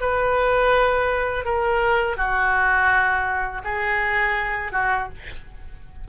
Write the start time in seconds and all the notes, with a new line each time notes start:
0.00 B4
1.45 A#4
2.17 F#4
3.64 G#4
4.72 F#4